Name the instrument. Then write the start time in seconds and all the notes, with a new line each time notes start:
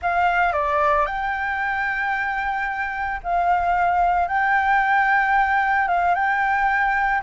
flute
0.01 F5
0.53 D5
1.06 G5
3.23 F5
4.28 G5
5.88 F5
6.14 G5